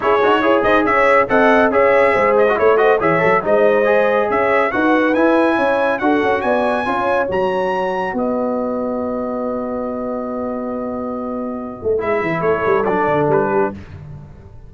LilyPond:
<<
  \new Staff \with { instrumentName = "trumpet" } { \time 4/4 \tempo 4 = 140 cis''4. dis''8 e''4 fis''4 | e''4. dis''8 cis''8 dis''8 e''4 | dis''2 e''4 fis''4 | gis''2 fis''4 gis''4~ |
gis''4 ais''2 dis''4~ | dis''1~ | dis''1 | e''4 cis''4 d''4 b'4 | }
  \new Staff \with { instrumentName = "horn" } { \time 4/4 gis'4 cis''8 c''8 cis''4 dis''4 | cis''4 c''4 cis''8 c''8 cis''4 | c''2 cis''4 b'4~ | b'4 cis''4 a'4 d''4 |
cis''2. b'4~ | b'1~ | b'1~ | b'4 a'2~ a'8 g'8 | }
  \new Staff \with { instrumentName = "trombone" } { \time 4/4 e'8 fis'8 gis'2 a'4 | gis'4.~ gis'16 fis'16 e'8 fis'8 gis'8 a'8 | dis'4 gis'2 fis'4 | e'2 fis'2 |
f'4 fis'2.~ | fis'1~ | fis'1 | e'2 d'2 | }
  \new Staff \with { instrumentName = "tuba" } { \time 4/4 cis'8 dis'8 e'8 dis'8 cis'4 c'4 | cis'4 gis4 a4 e8 fis8 | gis2 cis'4 dis'4 | e'4 cis'4 d'8 cis'8 b4 |
cis'4 fis2 b4~ | b1~ | b2.~ b8 a8 | gis8 e8 a8 g8 fis8 d8 g4 | }
>>